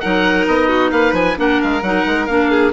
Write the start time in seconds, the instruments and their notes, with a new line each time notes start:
0.00 bassoon F#3, clarinet D#4, violin A#4, oboe F#5
0.47 bassoon B3, oboe D#5
0.68 violin F#4
0.91 bassoon A#3, violin B4, oboe F5
1.12 bassoon F3, oboe G#5
1.36 bassoon A#3, clarinet D4, violin A#4, oboe F#5
1.62 bassoon G#3, oboe F5
1.82 bassoon F#3, clarinet D#4, oboe F#5
2.05 bassoon G#3
2.26 bassoon A#3, clarinet D4, oboe F5
2.50 violin G#4